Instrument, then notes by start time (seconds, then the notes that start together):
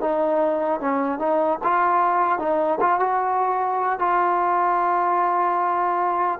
trombone
0.00 D#4
0.80 C#4
1.19 D#4
1.63 F4
2.38 D#4
2.80 F4
2.99 F#4
3.99 F4